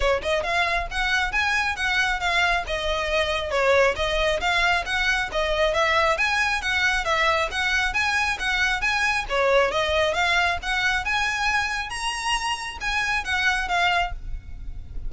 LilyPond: \new Staff \with { instrumentName = "violin" } { \time 4/4 \tempo 4 = 136 cis''8 dis''8 f''4 fis''4 gis''4 | fis''4 f''4 dis''2 | cis''4 dis''4 f''4 fis''4 | dis''4 e''4 gis''4 fis''4 |
e''4 fis''4 gis''4 fis''4 | gis''4 cis''4 dis''4 f''4 | fis''4 gis''2 ais''4~ | ais''4 gis''4 fis''4 f''4 | }